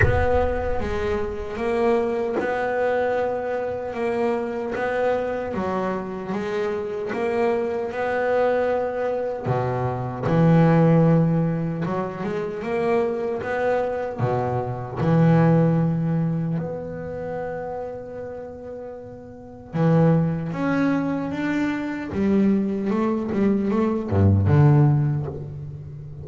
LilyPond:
\new Staff \with { instrumentName = "double bass" } { \time 4/4 \tempo 4 = 76 b4 gis4 ais4 b4~ | b4 ais4 b4 fis4 | gis4 ais4 b2 | b,4 e2 fis8 gis8 |
ais4 b4 b,4 e4~ | e4 b2.~ | b4 e4 cis'4 d'4 | g4 a8 g8 a8 g,8 d4 | }